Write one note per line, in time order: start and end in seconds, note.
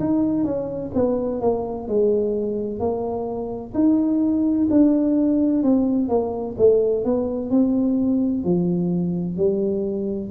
0.00 0.44 D#4
0.44 0.91 C#4
0.95 1.41 B3
1.41 1.88 A#3
1.88 2.80 G#3
2.80 3.73 A#3
3.75 4.68 D#4
4.70 5.63 D4
5.63 6.09 C4
6.09 6.56 A#3
6.58 7.05 A3
7.05 7.50 B3
7.50 8.44 C4
8.45 9.37 F3
9.37 10.31 G3